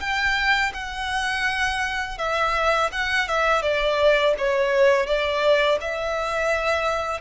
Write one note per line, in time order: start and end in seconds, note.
0.00 0.72 G5
0.74 2.18 F#5
2.18 2.90 E5
2.92 3.28 F#5
3.28 3.62 E5
3.62 4.34 D5
4.38 5.06 C#5
5.06 5.78 D5
5.81 7.21 E5